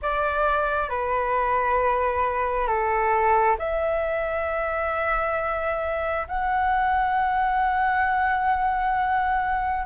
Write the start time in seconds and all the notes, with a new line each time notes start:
0.02 D5
0.89 B4
2.67 A4
3.58 E5
6.28 F#5